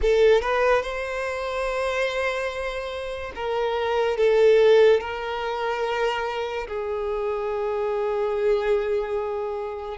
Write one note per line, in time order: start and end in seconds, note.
0.01 0.41 A4
0.41 0.82 B4
0.82 3.32 C5
3.35 4.17 A#4
4.17 5.00 A4
5.00 6.67 A#4
6.67 9.97 G#4